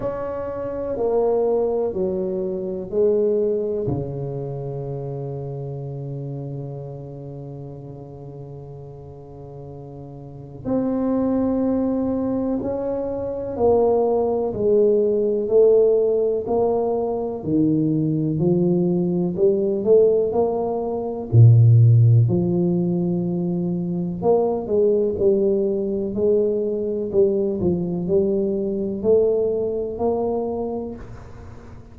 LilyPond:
\new Staff \with { instrumentName = "tuba" } { \time 4/4 \tempo 4 = 62 cis'4 ais4 fis4 gis4 | cis1~ | cis2. c'4~ | c'4 cis'4 ais4 gis4 |
a4 ais4 dis4 f4 | g8 a8 ais4 ais,4 f4~ | f4 ais8 gis8 g4 gis4 | g8 f8 g4 a4 ais4 | }